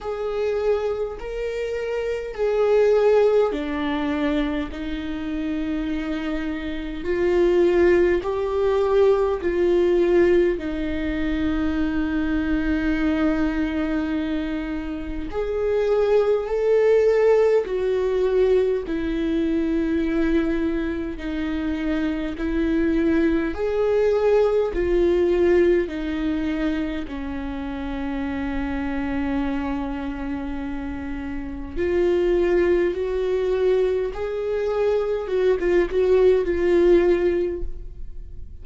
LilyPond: \new Staff \with { instrumentName = "viola" } { \time 4/4 \tempo 4 = 51 gis'4 ais'4 gis'4 d'4 | dis'2 f'4 g'4 | f'4 dis'2.~ | dis'4 gis'4 a'4 fis'4 |
e'2 dis'4 e'4 | gis'4 f'4 dis'4 cis'4~ | cis'2. f'4 | fis'4 gis'4 fis'16 f'16 fis'8 f'4 | }